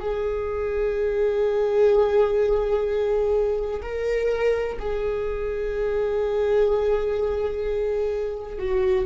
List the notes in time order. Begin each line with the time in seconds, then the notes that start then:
0.00 G#4
3.82 A#4
4.78 G#4
8.58 F#4